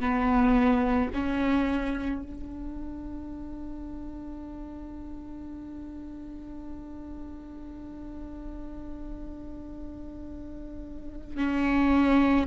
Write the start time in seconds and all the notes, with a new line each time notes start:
0.00 B3
1.14 C#4
2.23 D4
11.38 C#4